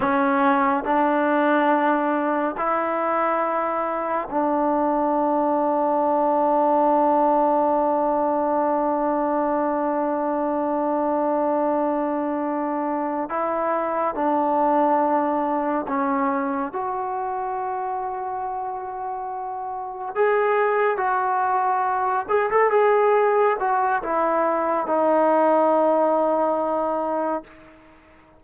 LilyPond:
\new Staff \with { instrumentName = "trombone" } { \time 4/4 \tempo 4 = 70 cis'4 d'2 e'4~ | e'4 d'2.~ | d'1~ | d'2.~ d'8 e'8~ |
e'8 d'2 cis'4 fis'8~ | fis'2.~ fis'8 gis'8~ | gis'8 fis'4. gis'16 a'16 gis'4 fis'8 | e'4 dis'2. | }